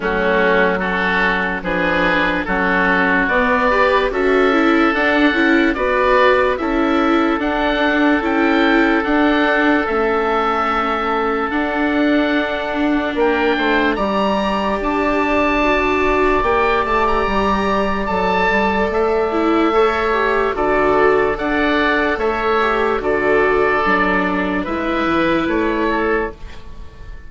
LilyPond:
<<
  \new Staff \with { instrumentName = "oboe" } { \time 4/4 \tempo 4 = 73 fis'4 a'4 b'4 a'4 | d''4 e''4 fis''4 d''4 | e''4 fis''4 g''4 fis''4 | e''2 fis''2 |
g''4 ais''4 a''2 | g''8 a''16 ais''4~ ais''16 a''4 e''4~ | e''4 d''4 fis''4 e''4 | d''2 e''4 cis''4 | }
  \new Staff \with { instrumentName = "oboe" } { \time 4/4 cis'4 fis'4 gis'4 fis'4~ | fis'8 b'8 a'2 b'4 | a'1~ | a'1 |
ais'8 c''8 d''2.~ | d''1 | cis''4 a'4 d''4 cis''4 | a'2 b'4. a'8 | }
  \new Staff \with { instrumentName = "viola" } { \time 4/4 a4 cis'4 d'4 cis'4 | b8 g'8 fis'8 e'8 d'8 e'8 fis'4 | e'4 d'4 e'4 d'4 | cis'2 d'2~ |
d'4 g'2 fis'4 | g'2 a'4. e'8 | a'8 g'8 fis'4 a'4. g'8 | fis'4 d'4 e'2 | }
  \new Staff \with { instrumentName = "bassoon" } { \time 4/4 fis2 f4 fis4 | b4 cis'4 d'8 cis'8 b4 | cis'4 d'4 cis'4 d'4 | a2 d'2 |
ais8 a8 g4 d'2 | ais8 a8 g4 fis8 g8 a4~ | a4 d4 d'4 a4 | d4 fis4 gis8 e8 a4 | }
>>